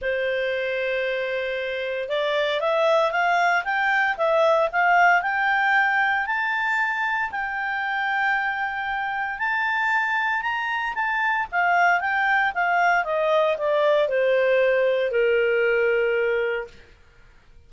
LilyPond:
\new Staff \with { instrumentName = "clarinet" } { \time 4/4 \tempo 4 = 115 c''1 | d''4 e''4 f''4 g''4 | e''4 f''4 g''2 | a''2 g''2~ |
g''2 a''2 | ais''4 a''4 f''4 g''4 | f''4 dis''4 d''4 c''4~ | c''4 ais'2. | }